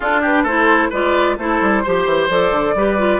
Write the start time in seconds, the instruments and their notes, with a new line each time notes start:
0.00 bassoon D4, clarinet D4, oboe F4, flute A4
0.21 oboe G4, flute B4
0.43 bassoon A3, clarinet E4, oboe A4, flute C5
0.90 bassoon G#3, clarinet F4, oboe B4, flute D5
1.37 bassoon A3, clarinet E4, oboe A4, flute C5
1.61 bassoon G3
1.83 bassoon F3, clarinet G4, oboe C5
2.05 bassoon E3
2.29 bassoon F3, clarinet A4, flute D5
2.51 bassoon D3
2.74 bassoon G3, clarinet G4, oboe B4
2.98 clarinet F4